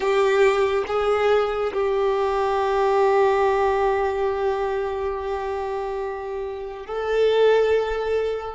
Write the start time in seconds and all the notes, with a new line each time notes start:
0.00 G4
0.87 G#4
1.73 G4
6.86 A4